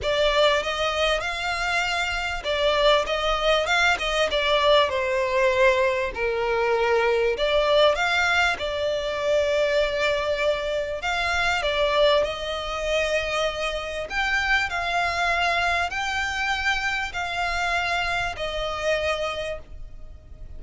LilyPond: \new Staff \with { instrumentName = "violin" } { \time 4/4 \tempo 4 = 98 d''4 dis''4 f''2 | d''4 dis''4 f''8 dis''8 d''4 | c''2 ais'2 | d''4 f''4 d''2~ |
d''2 f''4 d''4 | dis''2. g''4 | f''2 g''2 | f''2 dis''2 | }